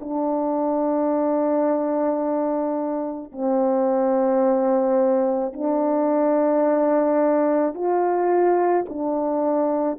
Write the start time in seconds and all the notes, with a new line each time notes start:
0.00 D4
3.32 C4
5.53 D4
7.74 F4
8.89 D4